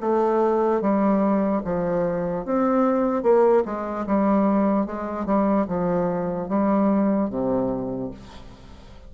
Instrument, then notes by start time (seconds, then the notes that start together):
bassoon
0.00 A3
0.81 G3
1.64 F3
2.45 C4
3.22 A#3
3.65 G#3
4.06 G3
4.86 G#3
5.26 G3
5.67 F3
6.48 G3
7.30 C3